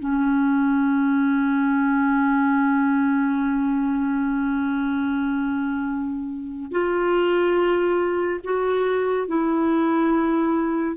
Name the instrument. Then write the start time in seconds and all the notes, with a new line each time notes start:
clarinet
0.00 C#4
6.71 F4
8.44 F#4
9.27 E4